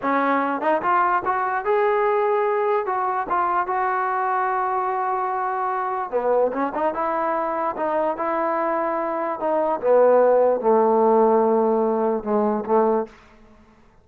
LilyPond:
\new Staff \with { instrumentName = "trombone" } { \time 4/4 \tempo 4 = 147 cis'4. dis'8 f'4 fis'4 | gis'2. fis'4 | f'4 fis'2.~ | fis'2. b4 |
cis'8 dis'8 e'2 dis'4 | e'2. dis'4 | b2 a2~ | a2 gis4 a4 | }